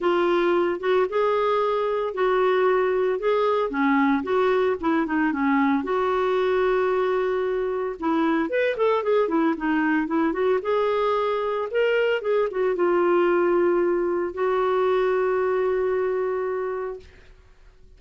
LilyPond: \new Staff \with { instrumentName = "clarinet" } { \time 4/4 \tempo 4 = 113 f'4. fis'8 gis'2 | fis'2 gis'4 cis'4 | fis'4 e'8 dis'8 cis'4 fis'4~ | fis'2. e'4 |
b'8 a'8 gis'8 e'8 dis'4 e'8 fis'8 | gis'2 ais'4 gis'8 fis'8 | f'2. fis'4~ | fis'1 | }